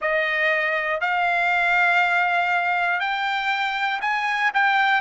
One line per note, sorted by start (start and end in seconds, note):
0.00 1.00 D#5
1.00 3.00 F5
3.00 4.00 G5
4.00 4.50 G#5
4.54 5.01 G5